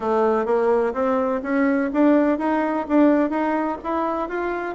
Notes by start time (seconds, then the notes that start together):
0.00 A3
0.45 A#3
0.93 C4
1.42 C#4
1.93 D4
2.38 D#4
2.88 D4
3.30 D#4
3.83 E4
4.28 F4